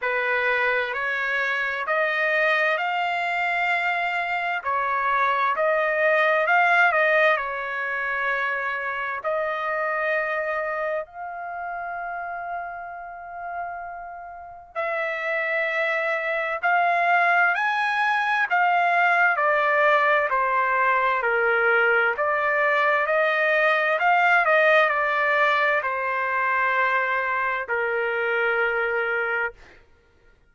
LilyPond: \new Staff \with { instrumentName = "trumpet" } { \time 4/4 \tempo 4 = 65 b'4 cis''4 dis''4 f''4~ | f''4 cis''4 dis''4 f''8 dis''8 | cis''2 dis''2 | f''1 |
e''2 f''4 gis''4 | f''4 d''4 c''4 ais'4 | d''4 dis''4 f''8 dis''8 d''4 | c''2 ais'2 | }